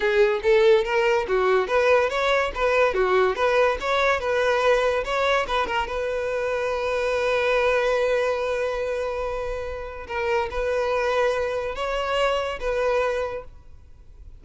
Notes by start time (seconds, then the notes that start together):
0.00 G#4
0.42 A4
0.84 A#4
1.28 F#4
1.67 B4
2.09 C#5
2.54 B4
2.94 F#4
3.35 B4
3.80 C#5
4.20 B4
5.04 C#5
5.47 B4
5.66 A#4
5.87 B4
10.07 A#4
10.50 B4
11.75 C#5
12.60 B4